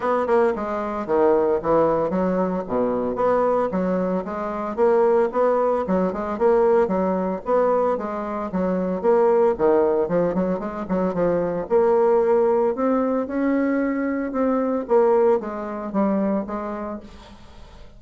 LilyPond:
\new Staff \with { instrumentName = "bassoon" } { \time 4/4 \tempo 4 = 113 b8 ais8 gis4 dis4 e4 | fis4 b,4 b4 fis4 | gis4 ais4 b4 fis8 gis8 | ais4 fis4 b4 gis4 |
fis4 ais4 dis4 f8 fis8 | gis8 fis8 f4 ais2 | c'4 cis'2 c'4 | ais4 gis4 g4 gis4 | }